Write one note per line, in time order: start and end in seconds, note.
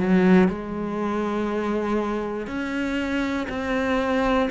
0.00 0.48 F#3
0.48 2.47 G#3
2.47 3.47 C#4
3.50 4.50 C4